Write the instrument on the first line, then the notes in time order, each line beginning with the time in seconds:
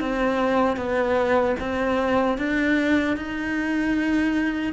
cello
0.00 C4
0.76 B3
1.60 C4
2.38 D4
3.17 D#4